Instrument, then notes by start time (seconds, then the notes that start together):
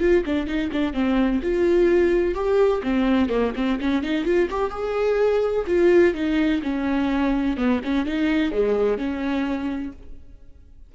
viola
0.00 F4
0.26 D4
0.47 D#4
0.72 D4
0.93 C4
1.42 F4
2.35 G4
2.83 C4
3.29 A#3
3.55 C4
3.80 C#4
4.03 D#4
4.25 F4
4.50 G4
4.71 G#4
5.66 F4
6.14 D#4
6.62 C#4
7.57 B3
7.84 C#4
8.06 D#4
8.51 G#3
8.98 C#4